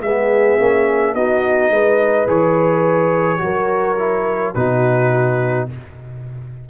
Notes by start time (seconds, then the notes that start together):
0.00 G#3 B3 G#4 E5
0.58 A#3 C#4
1.14 B3 D#4 F#4 D#5
1.70 G#3 B4
2.27 E3 G#4 C#5
3.38 F#3 F#4 A#4
3.98 E4
4.54 B2 D#4 F#4 B4